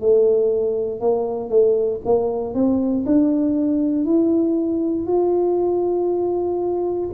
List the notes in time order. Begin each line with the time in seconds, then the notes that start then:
0.00 A3
1.00 A#3
1.49 A3
2.05 A#3
2.54 C4
3.06 D4
4.05 E4
5.07 F4